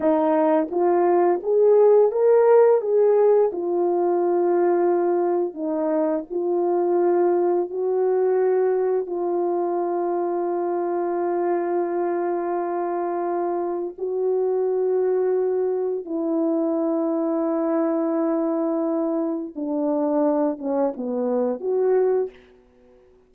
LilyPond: \new Staff \with { instrumentName = "horn" } { \time 4/4 \tempo 4 = 86 dis'4 f'4 gis'4 ais'4 | gis'4 f'2. | dis'4 f'2 fis'4~ | fis'4 f'2.~ |
f'1 | fis'2. e'4~ | e'1 | d'4. cis'8 b4 fis'4 | }